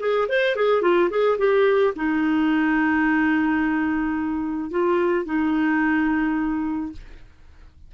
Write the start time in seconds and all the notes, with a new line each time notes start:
0.00 G#4
0.29 C5
0.56 G#4
0.82 F4
1.10 G#4
1.38 G4
1.96 D#4
4.71 F4
5.26 D#4